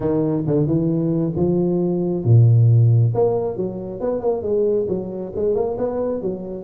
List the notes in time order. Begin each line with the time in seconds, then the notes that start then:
0.00 D#3
0.46 D3
0.66 E3
1.36 F3
2.24 A#2
3.14 A#3
3.57 F#3
4.00 B3
4.20 A#3
4.42 G#3
4.88 F#3
5.35 G#3
5.55 A#3
5.78 B3
6.21 F#3